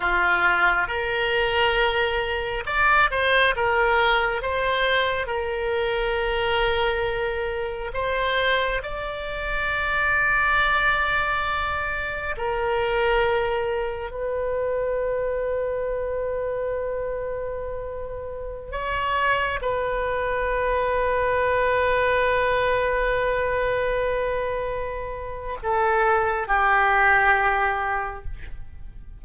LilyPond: \new Staff \with { instrumentName = "oboe" } { \time 4/4 \tempo 4 = 68 f'4 ais'2 d''8 c''8 | ais'4 c''4 ais'2~ | ais'4 c''4 d''2~ | d''2 ais'2 |
b'1~ | b'4~ b'16 cis''4 b'4.~ b'16~ | b'1~ | b'4 a'4 g'2 | }